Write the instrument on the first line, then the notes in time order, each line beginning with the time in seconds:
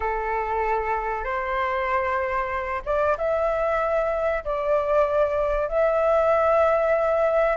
flute
0.00 A4
1.23 C5
2.85 D5
3.17 E5
4.44 D5
5.68 E5